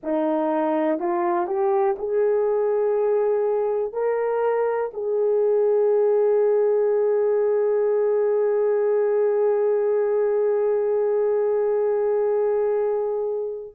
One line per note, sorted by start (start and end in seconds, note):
0.03 0.99 D#4
0.99 1.46 F4
1.46 1.95 G4
1.98 3.93 G#4
3.93 4.91 A#4
4.93 13.74 G#4